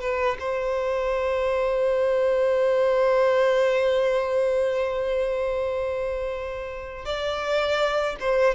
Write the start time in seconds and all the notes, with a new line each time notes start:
0.00 B4
0.40 C5
7.05 D5
8.20 C5